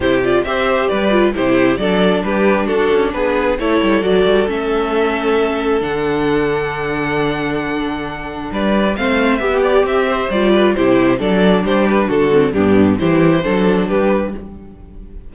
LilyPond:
<<
  \new Staff \with { instrumentName = "violin" } { \time 4/4 \tempo 4 = 134 c''8 d''8 e''4 d''4 c''4 | d''4 b'4 a'4 b'4 | cis''4 d''4 e''2~ | e''4 fis''2.~ |
fis''2. d''4 | f''4 e''8 d''8 e''4 d''4 | c''4 d''4 c''8 b'8 a'4 | g'4 c''2 b'4 | }
  \new Staff \with { instrumentName = "violin" } { \time 4/4 g'4 c''4 b'4 g'4 | a'4 g'4 fis'4 gis'4 | a'1~ | a'1~ |
a'2. b'4 | c''4 g'4. c''4 b'8 | g'4 a'4 g'4 fis'4 | d'4 g'4 a'4 g'4 | }
  \new Staff \with { instrumentName = "viola" } { \time 4/4 e'8 f'8 g'4. f'8 e'4 | d'1 | e'4 fis'4 cis'2~ | cis'4 d'2.~ |
d'1 | c'4 g'2 f'4 | e'4 d'2~ d'8 c'8 | b4 e'4 d'2 | }
  \new Staff \with { instrumentName = "cello" } { \time 4/4 c4 c'4 g4 c4 | fis4 g4 d'8 cis'8 b4 | a8 g8 fis8 g8 a2~ | a4 d2.~ |
d2. g4 | a4 b4 c'4 g4 | c4 fis4 g4 d4 | g,4 e4 fis4 g4 | }
>>